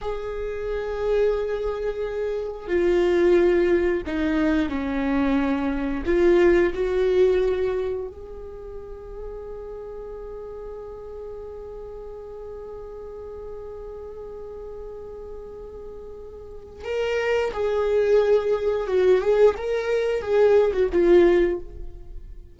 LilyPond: \new Staff \with { instrumentName = "viola" } { \time 4/4 \tempo 4 = 89 gis'1 | f'2 dis'4 cis'4~ | cis'4 f'4 fis'2 | gis'1~ |
gis'1~ | gis'1~ | gis'4 ais'4 gis'2 | fis'8 gis'8 ais'4 gis'8. fis'16 f'4 | }